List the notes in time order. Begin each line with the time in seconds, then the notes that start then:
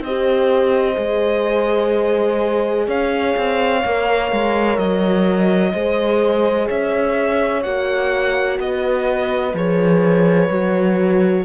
0.00 C4 C5 D#5
0.06 G4
0.95 G#3 G#4
2.87 C#4 C#5 F5
3.37 C4
3.85 A#3 A#4
4.32 G#3
4.78 F#3 D#5
5.73 G#3 G#4 C5
6.67 C#4 C#5 E5
7.62 A#3 F#4 F#5
8.59 B3 B4 D#5
9.53 F3 G#4 C#5
10.49 F#3 F#4